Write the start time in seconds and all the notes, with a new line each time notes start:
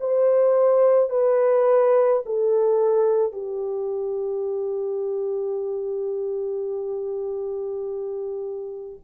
0.00 C5
1.10 B4
2.26 A4
3.32 G4